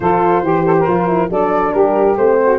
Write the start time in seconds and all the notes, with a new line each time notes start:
0.00 F3 F4 A4 C5
0.41 E3 G4
0.65 A4
0.79 A#4
0.87 F3 F4
1.07 E4
1.29 F#3 D4 A4 D5
1.72 G3 G4 A#4
2.16 A3 C4 C5
2.41 F#4